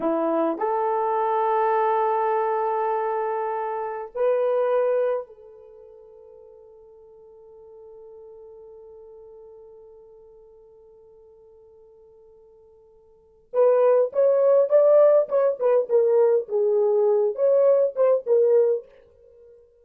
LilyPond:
\new Staff \with { instrumentName = "horn" } { \time 4/4 \tempo 4 = 102 e'4 a'2.~ | a'2. b'4~ | b'4 a'2.~ | a'1~ |
a'1~ | a'2. b'4 | cis''4 d''4 cis''8 b'8 ais'4 | gis'4. cis''4 c''8 ais'4 | }